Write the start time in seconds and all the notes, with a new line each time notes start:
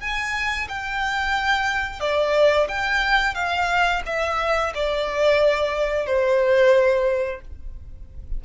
0.00 G#5
0.68 G5
2.00 D5
2.68 G5
3.35 F5
4.05 E5
4.74 D5
6.06 C5